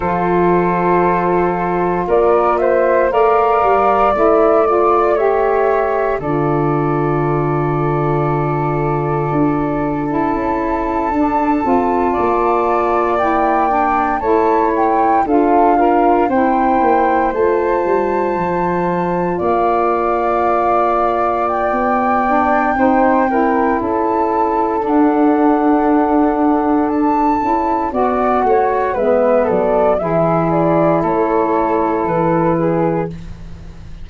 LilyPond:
<<
  \new Staff \with { instrumentName = "flute" } { \time 4/4 \tempo 4 = 58 c''2 d''8 e''8 f''4 | e''8 d''8 e''4 d''2~ | d''4.~ d''16 a''2~ a''16~ | a''8. g''4 a''8 g''8 f''4 g''16~ |
g''8. a''2 f''4~ f''16~ | f''8. g''2~ g''16 a''4 | fis''2 a''4 fis''4 | e''8 d''8 e''8 d''8 cis''4 b'4 | }
  \new Staff \with { instrumentName = "flute" } { \time 4/4 a'2 ais'8 c''8 d''4~ | d''4 cis''4 a'2~ | a'2.~ a'8. d''16~ | d''4.~ d''16 cis''4 a'8 f'8 c''16~ |
c''2~ c''8. d''4~ d''16~ | d''2 c''8 ais'8 a'4~ | a'2. d''8 cis''8 | b'8 a'8 gis'4 a'4. gis'8 | }
  \new Staff \with { instrumentName = "saxophone" } { \time 4/4 f'2. ais'4 | e'8 f'8 g'4 f'2~ | f'4.~ f'16 e'4 d'8 f'8.~ | f'8. e'8 d'8 e'4 f'8 ais'8 e'16~ |
e'8. f'2.~ f'16~ | f'4. d'8 dis'8 e'4. | d'2~ d'8 e'8 fis'4 | b4 e'2. | }
  \new Staff \with { instrumentName = "tuba" } { \time 4/4 f2 ais4 a8 g8 | a2 d2~ | d4 d'4 cis'8. d'8 c'8 ais16~ | ais4.~ ais16 a4 d'4 c'16~ |
c'16 ais8 a8 g8 f4 ais4~ ais16~ | ais4 b4 c'4 cis'4 | d'2~ d'8 cis'8 b8 a8 | gis8 fis8 e4 a4 e4 | }
>>